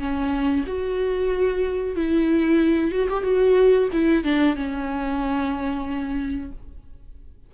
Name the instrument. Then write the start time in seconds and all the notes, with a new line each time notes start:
viola
0.00 C#4
0.67 F#4
1.96 E4
2.92 F#4
3.10 G4
3.24 F#4
3.93 E4
4.25 D4
4.56 C#4